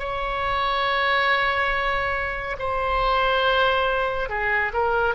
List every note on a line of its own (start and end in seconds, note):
0.00 2.57 C#5
2.59 4.30 C5
4.30 4.73 G#4
4.74 5.15 A#4